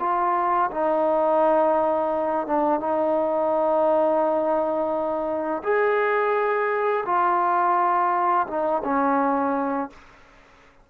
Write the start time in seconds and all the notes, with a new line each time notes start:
0.00 F4
0.72 D#4
2.47 D4
2.80 D#4
5.64 G#4
7.06 F4
8.48 D#4
8.84 C#4